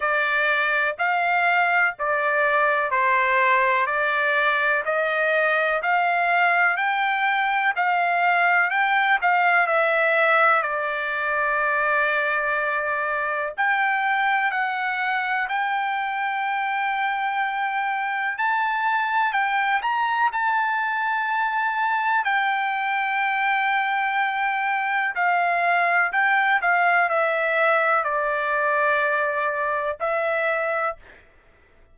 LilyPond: \new Staff \with { instrumentName = "trumpet" } { \time 4/4 \tempo 4 = 62 d''4 f''4 d''4 c''4 | d''4 dis''4 f''4 g''4 | f''4 g''8 f''8 e''4 d''4~ | d''2 g''4 fis''4 |
g''2. a''4 | g''8 ais''8 a''2 g''4~ | g''2 f''4 g''8 f''8 | e''4 d''2 e''4 | }